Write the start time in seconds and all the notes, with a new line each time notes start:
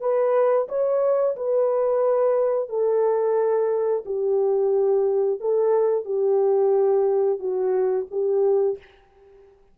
0.00 B4
0.68 C#5
1.36 B4
2.69 A4
4.05 G4
5.40 A4
6.05 G4
7.39 F#4
8.11 G4